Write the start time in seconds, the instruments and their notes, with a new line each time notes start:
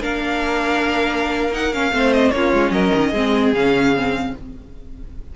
0.00 cello A#3, viola D4, violin A#4 F5
1.52 viola D#4, violin F#5
1.73 viola C#4, violin F5
1.91 cello A3, viola C4, violin C5
2.13 violin D#5
2.31 cello A#3, viola C#4, violin F4 C#5
2.53 cello G#3
2.71 cello F#3, violin A#4 D#5
2.95 cello D#3
3.11 cello G#3, viola C4, violin G#4
3.53 cello C#3, viola C#4, violin F5
3.96 viola C4